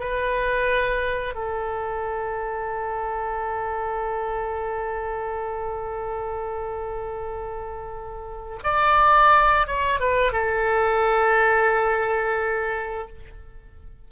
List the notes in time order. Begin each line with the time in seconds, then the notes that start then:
0.00 B4
1.34 A4
8.64 D5
9.67 C#5
10.00 B4
10.32 A4